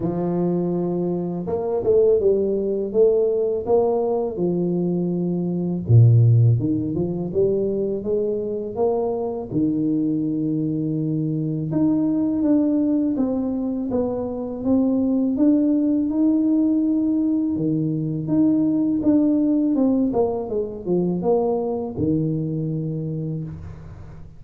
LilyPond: \new Staff \with { instrumentName = "tuba" } { \time 4/4 \tempo 4 = 82 f2 ais8 a8 g4 | a4 ais4 f2 | ais,4 dis8 f8 g4 gis4 | ais4 dis2. |
dis'4 d'4 c'4 b4 | c'4 d'4 dis'2 | dis4 dis'4 d'4 c'8 ais8 | gis8 f8 ais4 dis2 | }